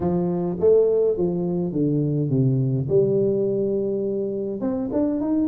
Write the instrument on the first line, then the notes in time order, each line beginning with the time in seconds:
tuba
0.00 F3
0.60 A3
1.17 F3
1.72 D3
2.29 C3
2.88 G3
4.60 C4
4.92 D4
5.21 D#4